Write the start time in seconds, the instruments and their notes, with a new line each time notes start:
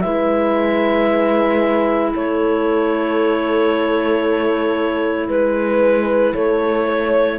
0.00 cello G#3, clarinet E4 E5, horn B4
2.13 cello A3, horn A4, clarinet C#5
5.28 cello G#3, clarinet B4, horn B4
6.34 cello A3, horn A4, clarinet C#5
6.86 horn C#5